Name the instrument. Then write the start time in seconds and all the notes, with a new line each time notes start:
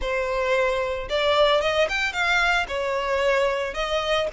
violin
0.01 C5
1.09 D5
1.61 D#5
1.88 G5
2.12 F5
2.68 C#5
3.74 D#5